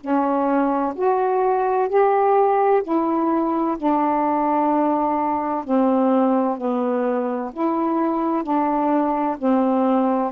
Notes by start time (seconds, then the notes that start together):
0.00 C#4
0.95 F#4
1.88 G4
2.83 E4
3.78 D4
5.64 C4
6.57 B3
7.53 E4
8.43 D4
9.38 C4